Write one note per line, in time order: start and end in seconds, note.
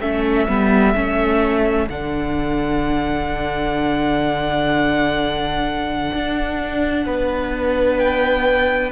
0.00 0.48 A3
0.00 0.49 C#4
0.00 7.03 A4
0.00 1.89 E5
0.49 0.95 G3
0.49 0.96 B3
0.95 1.88 A3
0.95 1.89 C#4
1.89 6.11 D3
1.89 8.92 D4
1.89 7.98 F#5
6.15 7.06 D4
7.06 8.92 B3
7.06 8.92 B4
7.98 8.92 G5